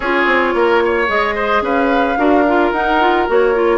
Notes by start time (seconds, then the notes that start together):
0.00 C#4 F4 G#4 C#5
0.26 C4
0.54 A#3 A#4
0.84 C#5
1.07 G#3 G#4 D#5
1.35 C5
1.61 C#4 B4 F5
2.17 D4 F#4 A#4
2.47 F4
2.72 D#4 F#5
3.01 F4
3.28 A#3 F#4 C#5
3.54 F4